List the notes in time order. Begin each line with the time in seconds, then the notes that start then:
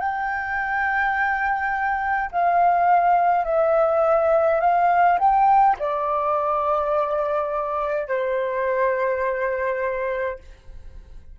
0.00 G5
2.32 F5
3.45 E5
4.61 F5
5.19 G5
5.80 D5
8.08 C5